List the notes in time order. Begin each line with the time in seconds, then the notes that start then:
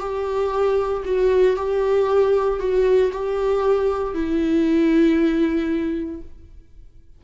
0.00 G4
1.05 F#4
1.57 G4
2.60 F#4
3.12 G4
4.14 E4